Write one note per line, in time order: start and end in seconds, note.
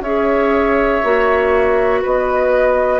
0.00 1.00 C#4
0.00 1.03 G#4
0.00 2.01 C#5
0.00 2.02 E5
1.03 2.03 A#3
1.03 3.00 F#4
2.01 3.00 B3
2.01 3.00 B4
2.01 3.00 D#5